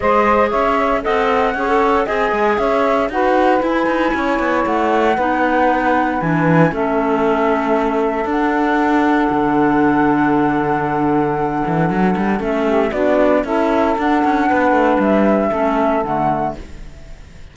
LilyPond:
<<
  \new Staff \with { instrumentName = "flute" } { \time 4/4 \tempo 4 = 116 dis''4 e''4 fis''2 | gis''4 e''4 fis''4 gis''4~ | gis''4 fis''2. | gis''4 e''2. |
fis''1~ | fis''1 | e''4 d''4 e''4 fis''4~ | fis''4 e''2 fis''4 | }
  \new Staff \with { instrumentName = "saxophone" } { \time 4/4 c''4 cis''4 dis''4 cis''4 | dis''4 cis''4 b'2 | cis''2 b'2~ | b'4 a'2.~ |
a'1~ | a'1~ | a'8 g'8 fis'4 a'2 | b'2 a'2 | }
  \new Staff \with { instrumentName = "clarinet" } { \time 4/4 gis'2 a'4 gis'16 a'8. | gis'2 fis'4 e'4~ | e'2 dis'2 | d'4 cis'2. |
d'1~ | d'1 | cis'4 d'4 e'4 d'4~ | d'2 cis'4 a4 | }
  \new Staff \with { instrumentName = "cello" } { \time 4/4 gis4 cis'4 c'4 cis'4 | c'8 gis8 cis'4 dis'4 e'8 dis'8 | cis'8 b8 a4 b2 | e4 a2. |
d'2 d2~ | d2~ d8 e8 fis8 g8 | a4 b4 cis'4 d'8 cis'8 | b8 a8 g4 a4 d4 | }
>>